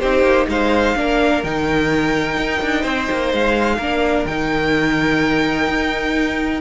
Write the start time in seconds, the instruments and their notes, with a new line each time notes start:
0.00 cello C4, viola D#4, violin G4 C5
0.23 cello A#3
0.49 cello G#3, violin C5 F5
0.97 cello A#3, viola D4, violin A#4
1.44 cello D#3, viola D#4, violin G5
2.37 cello D#4
2.62 cello D4
2.82 cello C4, violin C5
3.12 cello A#3
3.33 cello G#3, violin F5
3.78 cello A#3, viola D4, violin A#4
4.26 cello D#3, viola D#4, violin G5
5.68 cello D#4